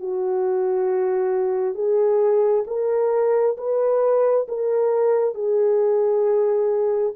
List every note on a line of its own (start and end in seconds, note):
0.00 1.75 F#4
1.75 2.64 G#4
2.67 3.57 A#4
3.57 4.47 B4
4.48 5.34 A#4
5.34 7.14 G#4